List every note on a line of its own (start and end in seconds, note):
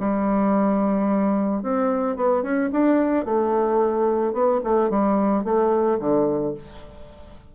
0.00 1.63 G3
1.63 2.17 C4
2.17 2.43 B3
2.43 2.70 C#4
2.72 3.25 D4
3.25 4.33 A3
4.33 4.61 B3
4.64 4.90 A3
4.90 5.44 G3
5.44 5.99 A3
6.00 6.54 D3